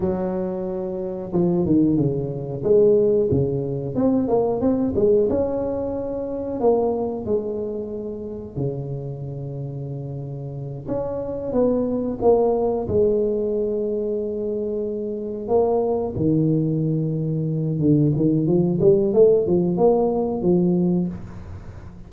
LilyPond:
\new Staff \with { instrumentName = "tuba" } { \time 4/4 \tempo 4 = 91 fis2 f8 dis8 cis4 | gis4 cis4 c'8 ais8 c'8 gis8 | cis'2 ais4 gis4~ | gis4 cis2.~ |
cis8 cis'4 b4 ais4 gis8~ | gis2.~ gis8 ais8~ | ais8 dis2~ dis8 d8 dis8 | f8 g8 a8 f8 ais4 f4 | }